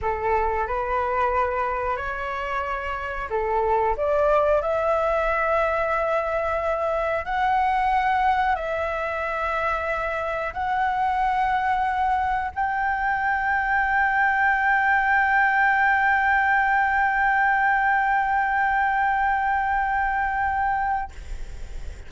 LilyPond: \new Staff \with { instrumentName = "flute" } { \time 4/4 \tempo 4 = 91 a'4 b'2 cis''4~ | cis''4 a'4 d''4 e''4~ | e''2. fis''4~ | fis''4 e''2. |
fis''2. g''4~ | g''1~ | g''1~ | g''1 | }